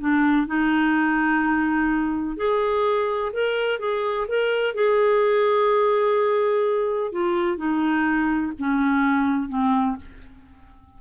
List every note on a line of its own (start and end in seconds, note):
0.00 0.47 D4
0.47 2.37 D#4
2.37 3.32 G#4
3.33 3.79 A#4
3.79 4.27 G#4
4.28 4.74 A#4
4.74 7.12 G#4
7.12 7.57 F4
7.57 8.53 D#4
8.59 9.49 C#4
9.49 9.96 C4